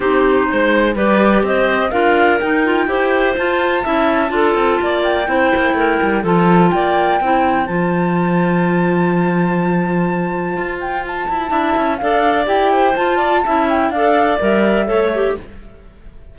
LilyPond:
<<
  \new Staff \with { instrumentName = "flute" } { \time 4/4 \tempo 4 = 125 c''2 d''4 dis''4 | f''4 g''2 a''4~ | a''2~ a''8 g''4.~ | g''4 a''4 g''2 |
a''1~ | a''2~ a''8 g''8 a''4~ | a''4 f''4 g''4 a''4~ | a''8 g''8 f''4 e''2 | }
  \new Staff \with { instrumentName = "clarinet" } { \time 4/4 g'4 c''4 b'4 c''4 | ais'2 c''2 | e''4 a'4 d''4 c''4 | ais'4 a'4 d''4 c''4~ |
c''1~ | c''1 | e''4 d''4. c''4 d''8 | e''4 d''2 cis''4 | }
  \new Staff \with { instrumentName = "clarinet" } { \time 4/4 dis'2 g'2 | f'4 dis'8 f'8 g'4 f'4 | e'4 f'2 e'4~ | e'4 f'2 e'4 |
f'1~ | f'1 | e'4 a'4 g'4 f'4 | e'4 a'4 ais'4 a'8 g'8 | }
  \new Staff \with { instrumentName = "cello" } { \time 4/4 c'4 gis4 g4 c'4 | d'4 dis'4 e'4 f'4 | cis'4 d'8 c'8 ais4 c'8 ais8 | a8 g8 f4 ais4 c'4 |
f1~ | f2 f'4. e'8 | d'8 cis'8 d'4 e'4 f'4 | cis'4 d'4 g4 a4 | }
>>